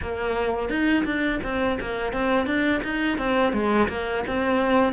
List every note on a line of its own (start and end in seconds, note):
0.01 0.69 A#3
0.69 1.04 D#4
1.04 1.40 D4
1.43 1.78 C4
1.80 2.12 A#3
2.12 2.46 C4
2.46 2.81 D4
2.83 3.18 D#4
3.18 3.52 C4
3.52 3.88 G#3
3.88 4.24 A#3
4.27 4.93 C4